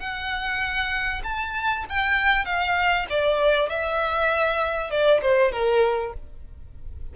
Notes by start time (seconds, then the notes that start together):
0.00 F#5
1.24 A5
1.90 G5
2.45 F5
3.10 D5
3.70 E5
4.91 D5
5.22 C5
5.52 A#4